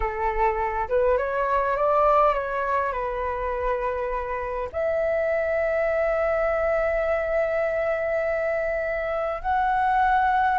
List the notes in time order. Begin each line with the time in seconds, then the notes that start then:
0.00 A4
0.88 B4
1.17 C#5
1.76 D5
2.34 C#5
2.92 B4
4.72 E5
9.42 F#5